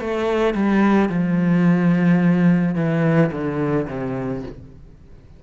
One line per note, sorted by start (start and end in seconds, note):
0.00 0.54 A3
0.54 1.09 G3
1.09 2.75 F3
2.75 3.30 E3
3.32 3.87 D3
3.87 4.43 C3